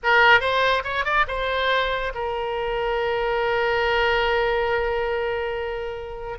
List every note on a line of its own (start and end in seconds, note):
0.03 0.40 A#4
0.40 0.83 C5
0.84 1.04 C#5
1.04 1.26 D5
1.27 2.12 C5
2.14 6.38 A#4